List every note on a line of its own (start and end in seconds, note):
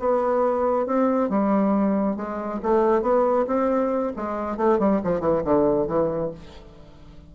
0.00 0.86 B3
0.86 1.30 C4
1.30 2.17 G3
2.17 2.60 G#3
2.63 3.02 A3
3.02 3.46 B3
3.47 4.13 C4
4.16 4.57 G#3
4.57 4.79 A3
4.80 5.01 G3
5.04 5.21 F3
5.21 5.42 E3
5.44 5.87 D3
5.87 6.31 E3